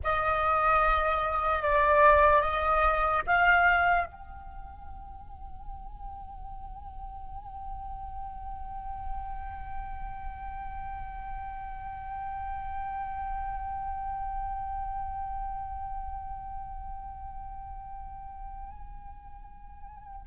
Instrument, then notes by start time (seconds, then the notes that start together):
flute
0.03 D#5
1.62 D5
2.41 D#5
3.26 F5
4.05 G5